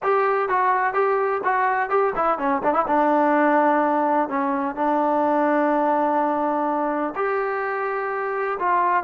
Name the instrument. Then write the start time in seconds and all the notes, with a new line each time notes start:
trombone
0.02 G4
0.48 F#4
0.93 G4
1.44 F#4
1.89 G4
2.15 E4
2.38 C#4
2.63 D4
2.73 E4
2.87 D4
4.29 C#4
4.75 D4
7.15 G4
8.59 F4